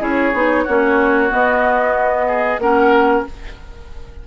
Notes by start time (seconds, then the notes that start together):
0.00 C#4 E4 G#4 C#5
0.33 B3 D#4
0.64 A#3 C#4 F#4
1.29 B3 D#5
2.28 G#4
2.58 A#3 C#4 A#4 F#5